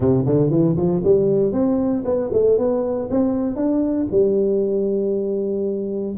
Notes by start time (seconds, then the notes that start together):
0.00 C3
0.26 D3
0.50 E3
0.76 F3
1.04 G3
1.52 C4
2.04 B3
2.32 A3
2.58 B3
3.10 C4
3.55 D4
4.11 G3